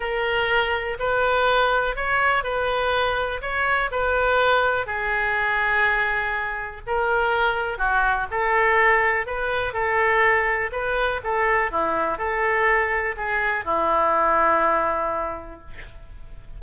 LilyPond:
\new Staff \with { instrumentName = "oboe" } { \time 4/4 \tempo 4 = 123 ais'2 b'2 | cis''4 b'2 cis''4 | b'2 gis'2~ | gis'2 ais'2 |
fis'4 a'2 b'4 | a'2 b'4 a'4 | e'4 a'2 gis'4 | e'1 | }